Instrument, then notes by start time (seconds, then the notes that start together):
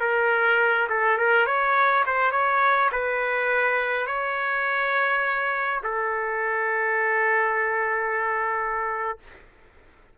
trumpet
0.00 A#4
0.89 A4
1.18 A#4
1.46 C#5
2.06 C5
2.31 C#5
2.91 B4
4.06 C#5
5.83 A4